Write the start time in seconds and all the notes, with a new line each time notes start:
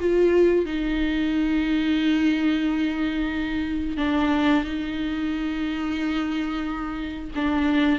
0.00 F4
0.65 D#4
3.97 D4
4.64 D#4
7.35 D4